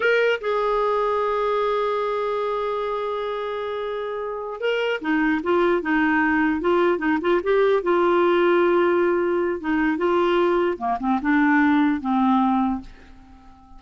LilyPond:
\new Staff \with { instrumentName = "clarinet" } { \time 4/4 \tempo 4 = 150 ais'4 gis'2.~ | gis'1~ | gis'2.~ gis'8 ais'8~ | ais'8 dis'4 f'4 dis'4.~ |
dis'8 f'4 dis'8 f'8 g'4 f'8~ | f'1 | dis'4 f'2 ais8 c'8 | d'2 c'2 | }